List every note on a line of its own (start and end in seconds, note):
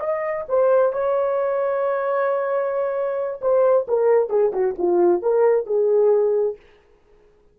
0.00 0.45 D#5
0.49 0.93 C5
0.93 3.41 C#5
3.42 3.87 C5
3.88 4.29 A#4
4.29 4.52 G#4
4.53 4.75 F#4
4.78 5.22 F4
5.22 5.66 A#4
5.66 6.56 G#4